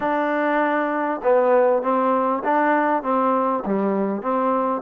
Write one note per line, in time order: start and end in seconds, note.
0.00 1.20 D4
1.23 1.82 B3
1.82 2.42 C4
2.44 3.02 D4
3.02 3.63 C4
3.65 4.21 G3
4.21 4.81 C4